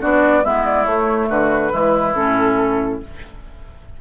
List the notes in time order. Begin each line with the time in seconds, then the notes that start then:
0.00 B3 D4 F#4 D5
0.43 G#3 B3 E4 E5
0.65 D5
0.85 A3 C#5
1.29 D3 F#4 B4
1.70 E3 G#3 E4
2.14 A2 C#4 A4